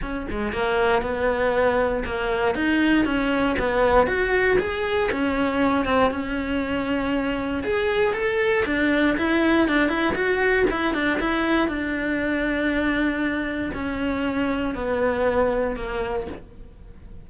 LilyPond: \new Staff \with { instrumentName = "cello" } { \time 4/4 \tempo 4 = 118 cis'8 gis8 ais4 b2 | ais4 dis'4 cis'4 b4 | fis'4 gis'4 cis'4. c'8 | cis'2. gis'4 |
a'4 d'4 e'4 d'8 e'8 | fis'4 e'8 d'8 e'4 d'4~ | d'2. cis'4~ | cis'4 b2 ais4 | }